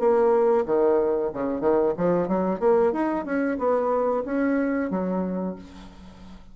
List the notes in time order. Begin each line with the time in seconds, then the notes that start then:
0.00 A#3
0.66 D#3
1.34 C#3
1.61 D#3
1.98 F3
2.28 F#3
2.60 A#3
2.93 D#4
3.25 C#4
3.59 B3
4.26 C#4
4.91 F#3